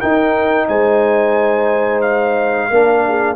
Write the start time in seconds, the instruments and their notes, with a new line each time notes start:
0.00 trombone D#4, tuba D#4, horn A#4, trumpet G5
0.68 tuba G#3, horn C5, trumpet G#5
2.01 trumpet F5
2.70 tuba A#3, trombone D4, horn A#4
3.07 horn G#4